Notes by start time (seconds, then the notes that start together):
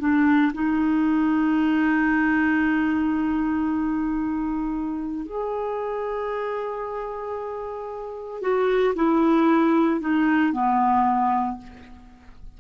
0.00 D4
0.54 D#4
5.27 G#4
8.42 F#4
8.96 E4
10.01 D#4
10.53 B3